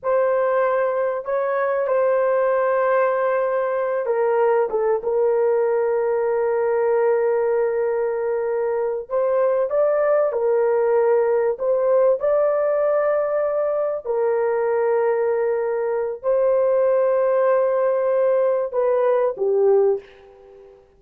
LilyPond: \new Staff \with { instrumentName = "horn" } { \time 4/4 \tempo 4 = 96 c''2 cis''4 c''4~ | c''2~ c''8 ais'4 a'8 | ais'1~ | ais'2~ ais'8 c''4 d''8~ |
d''8 ais'2 c''4 d''8~ | d''2~ d''8 ais'4.~ | ais'2 c''2~ | c''2 b'4 g'4 | }